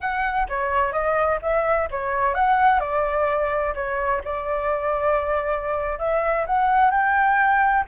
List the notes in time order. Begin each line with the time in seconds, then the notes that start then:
0.00 F#5
0.48 C#5
0.92 D#5
1.42 E5
1.90 C#5
2.34 F#5
2.80 D5
3.74 C#5
4.24 D5
5.98 E5
6.46 F#5
6.91 G5